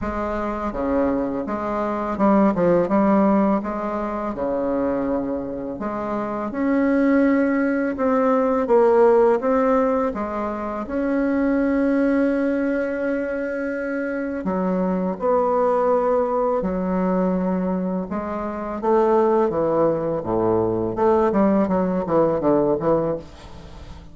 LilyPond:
\new Staff \with { instrumentName = "bassoon" } { \time 4/4 \tempo 4 = 83 gis4 cis4 gis4 g8 f8 | g4 gis4 cis2 | gis4 cis'2 c'4 | ais4 c'4 gis4 cis'4~ |
cis'1 | fis4 b2 fis4~ | fis4 gis4 a4 e4 | a,4 a8 g8 fis8 e8 d8 e8 | }